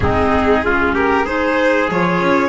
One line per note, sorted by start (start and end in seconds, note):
0.00 1.89 G#3
0.00 0.64 C4
0.00 0.65 D#4
0.00 0.93 G#4
0.64 1.26 C#4
0.64 0.94 F4
0.94 1.24 G4
0.94 1.26 A#4
1.24 1.89 D#4
1.24 2.49 G#4
1.24 1.89 C5
1.89 2.19 F3
1.89 2.49 F4
1.89 2.49 C#5
2.19 2.49 C#4